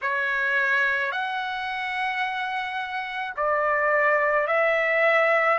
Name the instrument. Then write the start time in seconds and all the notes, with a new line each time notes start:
trumpet
0.01 C#5
1.11 F#5
3.36 D5
4.47 E5